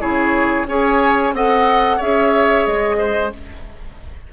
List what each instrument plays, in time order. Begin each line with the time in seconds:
0.00 bassoon C#3, clarinet E4, oboe G#4, flute C#5
0.67 bassoon C#4, clarinet G#4, oboe C#5, flute G#5
1.33 bassoon C4, clarinet A4, oboe D#5, flute F#5
1.97 bassoon C#4, clarinet G#4, oboe C#5, flute E5
2.66 bassoon G#3, flute D#5
2.98 oboe C5